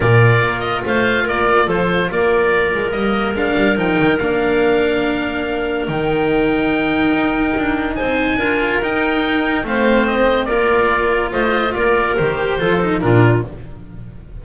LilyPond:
<<
  \new Staff \with { instrumentName = "oboe" } { \time 4/4 \tempo 4 = 143 d''4. dis''8 f''4 d''4 | c''4 d''2 dis''4 | f''4 g''4 f''2~ | f''2 g''2~ |
g''2. gis''4~ | gis''4 g''2 f''4 | dis''4 d''2 dis''4 | d''4 c''2 ais'4 | }
  \new Staff \with { instrumentName = "clarinet" } { \time 4/4 ais'2 c''4 ais'4 | a'4 ais'2.~ | ais'1~ | ais'1~ |
ais'2. c''4 | ais'2. c''4~ | c''4 ais'2 c''4 | ais'2 a'4 f'4 | }
  \new Staff \with { instrumentName = "cello" } { \time 4/4 f'1~ | f'2. ais4 | d'4 dis'4 d'2~ | d'2 dis'2~ |
dis'1 | f'4 dis'2 c'4~ | c'4 f'2.~ | f'4 g'4 f'8 dis'8 d'4 | }
  \new Staff \with { instrumentName = "double bass" } { \time 4/4 ais,4 ais4 a4 ais4 | f4 ais4. gis8 g4 | gis8 g8 f8 dis8 ais2~ | ais2 dis2~ |
dis4 dis'4 d'4 c'4 | d'4 dis'2 a4~ | a4 ais2 a4 | ais4 dis4 f4 ais,4 | }
>>